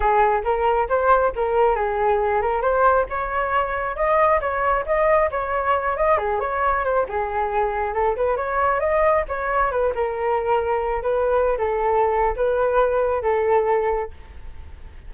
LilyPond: \new Staff \with { instrumentName = "flute" } { \time 4/4 \tempo 4 = 136 gis'4 ais'4 c''4 ais'4 | gis'4. ais'8 c''4 cis''4~ | cis''4 dis''4 cis''4 dis''4 | cis''4. dis''8 gis'8 cis''4 c''8 |
gis'2 a'8 b'8 cis''4 | dis''4 cis''4 b'8 ais'4.~ | ais'4 b'4~ b'16 a'4.~ a'16 | b'2 a'2 | }